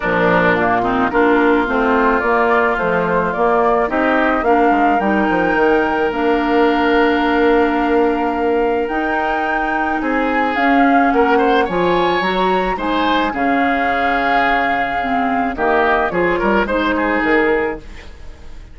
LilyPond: <<
  \new Staff \with { instrumentName = "flute" } { \time 4/4 \tempo 4 = 108 ais'4 f'4 ais'4 c''4 | d''4 c''4 d''4 dis''4 | f''4 g''2 f''4~ | f''1 |
g''2 gis''4 f''4 | fis''4 gis''4 ais''4 gis''4 | f''1 | dis''4 cis''4 c''4 ais'4 | }
  \new Staff \with { instrumentName = "oboe" } { \time 4/4 d'4. dis'8 f'2~ | f'2. g'4 | ais'1~ | ais'1~ |
ais'2 gis'2 | ais'8 c''8 cis''2 c''4 | gis'1 | g'4 gis'8 ais'8 c''8 gis'4. | }
  \new Staff \with { instrumentName = "clarinet" } { \time 4/4 f4 ais8 c'8 d'4 c'4 | ais4 f4 ais4 dis'4 | d'4 dis'2 d'4~ | d'1 |
dis'2. cis'4~ | cis'4 f'4 fis'4 dis'4 | cis'2. c'4 | ais4 f'4 dis'2 | }
  \new Staff \with { instrumentName = "bassoon" } { \time 4/4 ais,2 ais4 a4 | ais4 a4 ais4 c'4 | ais8 gis8 g8 f8 dis4 ais4~ | ais1 |
dis'2 c'4 cis'4 | ais4 f4 fis4 gis4 | cis1 | dis4 f8 g8 gis4 dis4 | }
>>